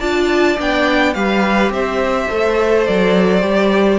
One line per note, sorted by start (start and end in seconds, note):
0.00 0.59 D4
0.00 0.58 F4
0.00 1.14 D5
0.00 0.57 A5
0.58 1.15 B3
0.58 1.15 D4
0.58 1.14 G5
1.14 1.70 G3
1.14 2.30 G4
1.14 1.74 B4
1.14 1.72 F5
1.70 2.27 C4
1.70 3.99 C5
1.70 2.87 E5
2.30 2.88 A3
2.30 3.42 A4
2.87 3.43 F#3
2.87 3.99 D5
3.42 3.99 G3
3.42 3.99 G4